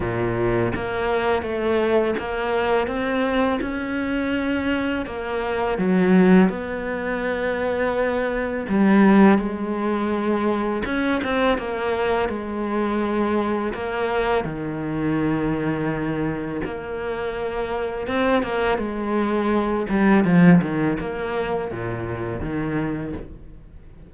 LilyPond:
\new Staff \with { instrumentName = "cello" } { \time 4/4 \tempo 4 = 83 ais,4 ais4 a4 ais4 | c'4 cis'2 ais4 | fis4 b2. | g4 gis2 cis'8 c'8 |
ais4 gis2 ais4 | dis2. ais4~ | ais4 c'8 ais8 gis4. g8 | f8 dis8 ais4 ais,4 dis4 | }